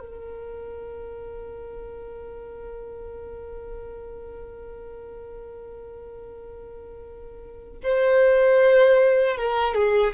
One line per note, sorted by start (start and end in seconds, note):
0.00 7.79 A#4
7.84 9.38 C5
9.38 9.75 A#4
9.75 10.14 G#4